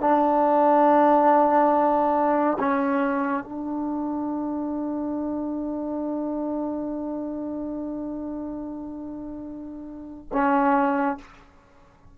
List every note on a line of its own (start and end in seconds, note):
0.00 2.57 D4
2.59 3.43 C#4
3.43 10.29 D4
10.32 11.18 C#4